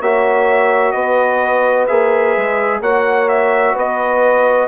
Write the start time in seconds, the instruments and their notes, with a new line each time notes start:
0.00 bassoon A#3, trombone F#4, horn C#5, trumpet E5
0.92 bassoon B3, horn B4, trumpet D#5
1.87 bassoon A#3, trombone G#4, trumpet E5
2.37 bassoon G#3
2.81 bassoon A#3, trombone F#4, horn C#5, trumpet F#5
3.29 trumpet E5
3.73 bassoon B3, horn B4, trumpet D#5